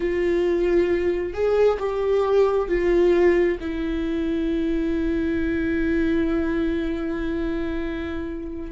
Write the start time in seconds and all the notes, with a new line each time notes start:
0.00 F4
1.33 G#4
1.79 G4
2.68 F4
3.60 E4